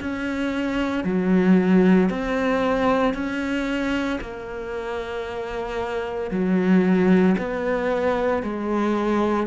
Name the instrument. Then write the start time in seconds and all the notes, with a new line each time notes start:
cello
0.00 C#4
1.04 F#3
2.09 C4
3.14 C#4
4.21 A#3
6.31 F#3
7.38 B3
8.43 G#3